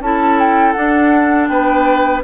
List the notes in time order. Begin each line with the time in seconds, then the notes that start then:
0.00 C#4 E4 A4 A5
0.40 G5
0.73 D4 F#5
1.48 B3 B4 G5